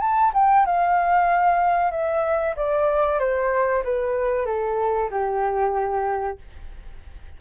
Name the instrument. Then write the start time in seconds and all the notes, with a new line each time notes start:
flute
0.00 A5
0.34 G5
0.65 F5
1.91 E5
2.56 D5
3.19 C5
3.84 B4
4.46 A4
5.10 G4